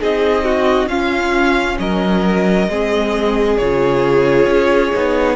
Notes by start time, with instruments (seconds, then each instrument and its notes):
0.00 cello C4, viola D#4, violin G#4 D#5
0.44 violin F#4
0.86 cello C#4, viola C#4, violin F4 F5
1.79 cello F#3, violin A#4 D#5
2.68 cello G#3, viola C4, violin G#4
3.57 cello C#3, viola F4, violin C#5
4.46 cello C#4
4.93 cello B3, viola D#4